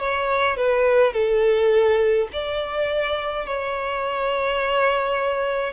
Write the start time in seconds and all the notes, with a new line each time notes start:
0.00 C#5
0.57 B4
1.13 A4
2.33 D5
3.46 C#5